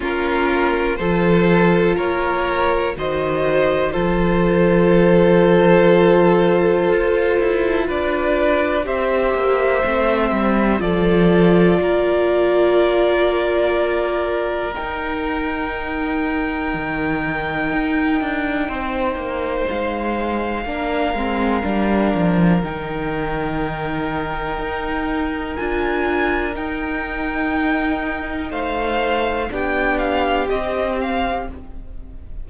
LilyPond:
<<
  \new Staff \with { instrumentName = "violin" } { \time 4/4 \tempo 4 = 61 ais'4 c''4 cis''4 dis''4 | c''1 | d''4 e''2 d''4~ | d''2. g''4~ |
g''1 | f''2. g''4~ | g''2 gis''4 g''4~ | g''4 f''4 g''8 f''8 dis''8 f''8 | }
  \new Staff \with { instrumentName = "violin" } { \time 4/4 f'4 a'4 ais'4 c''4 | a'1 | b'4 c''2 a'4 | ais'1~ |
ais'2. c''4~ | c''4 ais'2.~ | ais'1~ | ais'4 c''4 g'2 | }
  \new Staff \with { instrumentName = "viola" } { \time 4/4 cis'4 f'2 fis'4 | f'1~ | f'4 g'4 c'4 f'4~ | f'2. dis'4~ |
dis'1~ | dis'4 d'8 c'8 d'4 dis'4~ | dis'2 f'4 dis'4~ | dis'2 d'4 c'4 | }
  \new Staff \with { instrumentName = "cello" } { \time 4/4 ais4 f4 ais4 dis4 | f2. f'8 e'8 | d'4 c'8 ais8 a8 g8 f4 | ais2. dis'4~ |
dis'4 dis4 dis'8 d'8 c'8 ais8 | gis4 ais8 gis8 g8 f8 dis4~ | dis4 dis'4 d'4 dis'4~ | dis'4 a4 b4 c'4 | }
>>